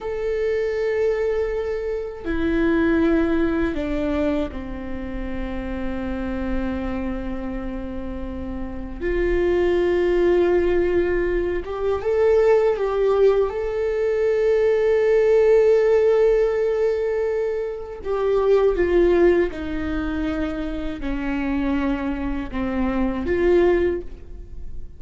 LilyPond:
\new Staff \with { instrumentName = "viola" } { \time 4/4 \tempo 4 = 80 a'2. e'4~ | e'4 d'4 c'2~ | c'1 | f'2.~ f'8 g'8 |
a'4 g'4 a'2~ | a'1 | g'4 f'4 dis'2 | cis'2 c'4 f'4 | }